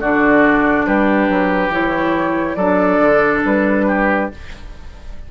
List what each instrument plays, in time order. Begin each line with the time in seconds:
0.00 bassoon D3, clarinet D4, oboe F#4, flute D5
0.86 bassoon G3, oboe G4, flute B4
1.28 bassoon F#3
1.68 bassoon E3, clarinet E4, flute C#5
2.54 bassoon F#3, clarinet D4, oboe A4, flute D5
2.99 bassoon D3
3.44 bassoon G3, flute B4
3.87 oboe G4